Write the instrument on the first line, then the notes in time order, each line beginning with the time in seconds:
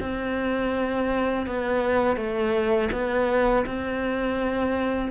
cello
0.00 C4
1.46 B3
2.17 A3
2.92 B3
3.66 C4